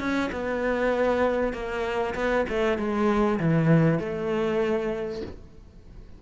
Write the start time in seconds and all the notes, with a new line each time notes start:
0.00 C#4
0.33 B3
1.54 A#3
2.15 B3
2.50 A3
2.79 G#3
3.40 E3
4.00 A3